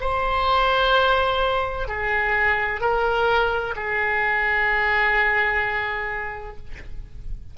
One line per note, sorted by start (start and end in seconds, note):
0.00 1.87 C5
1.87 2.80 G#4
2.80 3.74 A#4
3.76 6.57 G#4